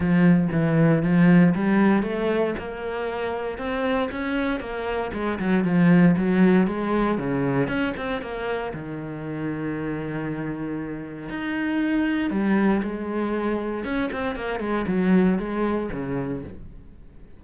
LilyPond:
\new Staff \with { instrumentName = "cello" } { \time 4/4 \tempo 4 = 117 f4 e4 f4 g4 | a4 ais2 c'4 | cis'4 ais4 gis8 fis8 f4 | fis4 gis4 cis4 cis'8 c'8 |
ais4 dis2.~ | dis2 dis'2 | g4 gis2 cis'8 c'8 | ais8 gis8 fis4 gis4 cis4 | }